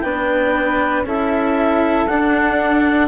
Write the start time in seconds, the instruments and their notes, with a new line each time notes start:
0.00 bassoon B3, cello D4, flute B4, clarinet G5
1.02 bassoon C#4, cello E4, flute A4, clarinet E5
2.07 bassoon D4, cello D4, clarinet F#5